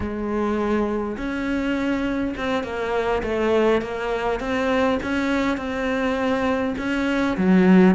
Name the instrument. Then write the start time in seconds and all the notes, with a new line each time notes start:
cello
0.00 G#3
1.17 C#4
2.37 C4
2.63 A#3
3.22 A3
3.81 A#3
4.40 C4
5.02 C#4
5.57 C4
6.78 C#4
7.37 F#3